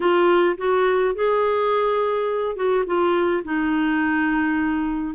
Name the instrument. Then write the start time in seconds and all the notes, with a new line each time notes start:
clarinet
0.00 F4
0.57 F#4
1.14 G#4
2.56 F#4
2.86 F4
3.44 D#4